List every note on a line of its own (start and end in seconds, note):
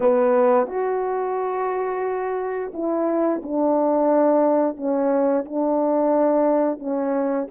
0.00 0.67 B3
0.67 2.71 F#4
2.73 3.41 E4
3.42 4.76 D4
4.76 5.45 C#4
5.45 6.79 D4
6.79 7.47 C#4